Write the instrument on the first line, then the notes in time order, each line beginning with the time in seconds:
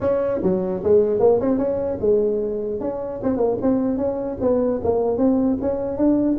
tuba
0.01 C#4
0.42 F#3
0.83 G#3
1.19 A#3
1.40 C4
1.58 C#4
2.00 G#3
2.80 C#4
3.23 C4
3.36 A#3
3.61 C4
3.97 C#4
4.40 B3
4.83 A#3
5.17 C4
5.61 C#4
5.97 D4